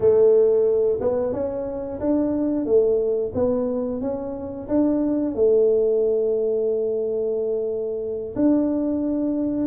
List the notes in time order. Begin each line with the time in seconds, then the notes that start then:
0.00 A3
1.00 B3
1.32 C#4
2.00 D4
2.65 A3
3.34 B3
4.01 C#4
4.68 D4
5.35 A3
8.35 D4